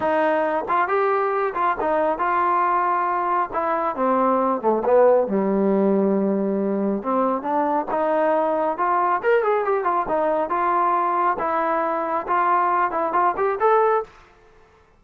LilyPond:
\new Staff \with { instrumentName = "trombone" } { \time 4/4 \tempo 4 = 137 dis'4. f'8 g'4. f'8 | dis'4 f'2. | e'4 c'4. a8 b4 | g1 |
c'4 d'4 dis'2 | f'4 ais'8 gis'8 g'8 f'8 dis'4 | f'2 e'2 | f'4. e'8 f'8 g'8 a'4 | }